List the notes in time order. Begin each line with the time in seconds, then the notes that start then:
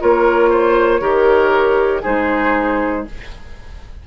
0.00 A#3 F4 A#4 C#5
0.50 C5
1.01 D#3 G4 A#4
2.02 G#3 D#4 G#4 C5